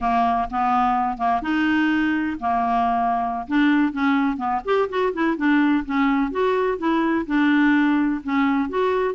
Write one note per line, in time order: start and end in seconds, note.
0.00 0.48 A#3
0.50 1.17 B3
1.17 1.41 A#3
1.42 2.37 D#4
2.40 3.47 A#3
3.47 3.92 D4
3.92 4.36 C#4
4.36 4.60 B3
4.65 4.88 G4
4.89 5.13 F#4
5.13 5.36 E4
5.36 5.84 D4
5.85 6.31 C#4
6.31 6.78 F#4
6.78 7.25 E4
7.26 8.21 D4
8.23 8.69 C#4
8.69 9.14 F#4